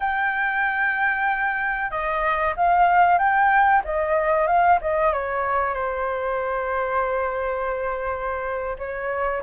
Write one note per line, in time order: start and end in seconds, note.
0.00 1.90 G5
1.90 2.54 D#5
2.56 3.18 F5
3.18 3.82 G5
3.84 4.47 D#5
4.47 4.79 F5
4.81 5.12 D#5
5.12 5.73 C#5
5.73 8.76 C5
8.78 9.42 C#5